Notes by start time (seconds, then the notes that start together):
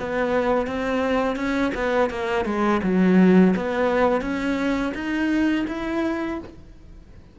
0.00 B3
0.67 C4
1.36 C#4
1.75 B3
2.10 A#3
2.45 G#3
2.83 F#3
3.56 B3
4.21 C#4
4.94 D#4
5.68 E4